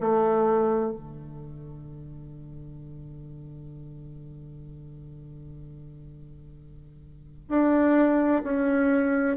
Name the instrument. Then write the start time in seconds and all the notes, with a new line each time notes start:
bassoon
0.00 A3
0.92 D3
7.49 D4
8.43 C#4